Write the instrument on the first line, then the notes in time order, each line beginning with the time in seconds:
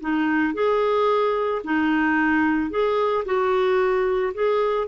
clarinet
0.00 D#4
0.54 G#4
1.64 D#4
2.70 G#4
3.25 F#4
4.34 G#4